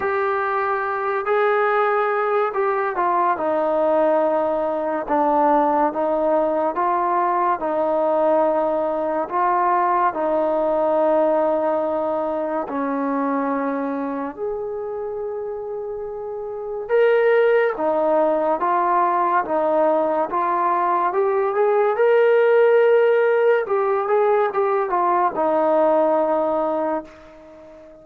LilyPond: \new Staff \with { instrumentName = "trombone" } { \time 4/4 \tempo 4 = 71 g'4. gis'4. g'8 f'8 | dis'2 d'4 dis'4 | f'4 dis'2 f'4 | dis'2. cis'4~ |
cis'4 gis'2. | ais'4 dis'4 f'4 dis'4 | f'4 g'8 gis'8 ais'2 | g'8 gis'8 g'8 f'8 dis'2 | }